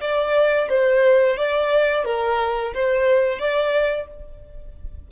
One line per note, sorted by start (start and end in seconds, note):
0.00 0.68 D5
0.69 1.36 C5
1.36 2.04 D5
2.04 2.72 A#4
2.74 3.39 C5
3.39 4.07 D5